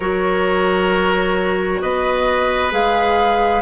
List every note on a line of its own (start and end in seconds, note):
0.00 1.81 F#3
0.00 2.71 F#4
0.00 1.81 A#4
0.00 1.81 C#5
1.81 2.71 B3
1.81 3.62 B4
1.81 2.72 D#5
2.71 3.62 G#3
2.71 3.62 G#4
2.71 3.62 F5